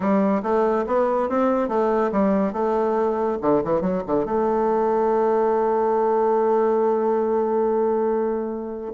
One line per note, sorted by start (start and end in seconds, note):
0.00 0.42 G3
0.42 0.85 A3
0.86 1.29 B3
1.29 1.68 C4
1.68 2.10 A3
2.12 2.52 G3
2.52 3.38 A3
3.41 3.62 D3
3.64 3.81 E3
3.81 4.02 F#3
4.06 4.25 D3
4.25 8.93 A3